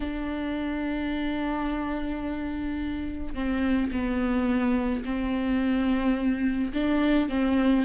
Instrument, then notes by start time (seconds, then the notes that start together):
viola
0.00 D4
3.34 C4
3.91 B3
5.04 C4
6.73 D4
7.29 C4